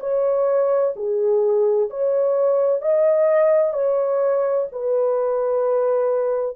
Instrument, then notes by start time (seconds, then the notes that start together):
horn
0.00 C#5
0.96 G#4
1.90 C#5
2.82 D#5
3.73 C#5
4.72 B4